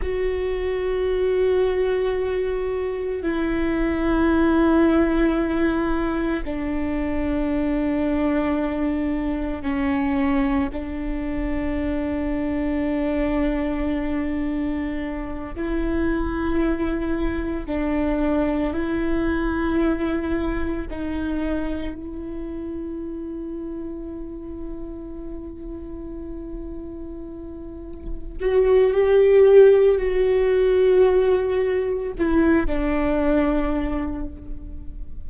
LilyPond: \new Staff \with { instrumentName = "viola" } { \time 4/4 \tempo 4 = 56 fis'2. e'4~ | e'2 d'2~ | d'4 cis'4 d'2~ | d'2~ d'8 e'4.~ |
e'8 d'4 e'2 dis'8~ | dis'8 e'2.~ e'8~ | e'2~ e'8 fis'8 g'4 | fis'2 e'8 d'4. | }